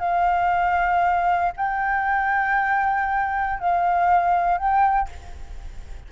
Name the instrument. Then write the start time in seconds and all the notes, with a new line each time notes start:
flute
0.00 F5
1.57 G5
3.60 F5
4.58 G5